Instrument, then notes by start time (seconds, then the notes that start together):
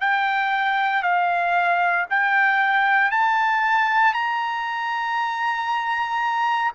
trumpet
0.00 G5
1.02 F5
2.09 G5
3.11 A5
4.13 A#5